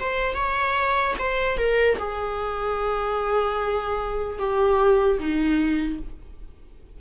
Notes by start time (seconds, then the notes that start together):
0.00 C5
0.34 C#5
1.19 C5
1.57 A#4
1.98 G#4
4.39 G4
5.19 D#4